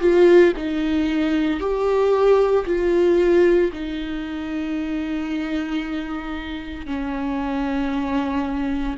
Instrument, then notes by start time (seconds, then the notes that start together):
viola
0.00 F4
0.56 D#4
1.60 G4
2.66 F4
3.72 D#4
6.86 C#4